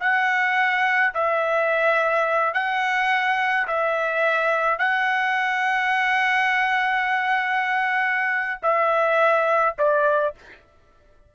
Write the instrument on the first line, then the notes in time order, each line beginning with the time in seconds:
trumpet
0.00 F#5
1.14 E5
2.53 F#5
3.67 E5
4.78 F#5
8.62 E5
9.78 D5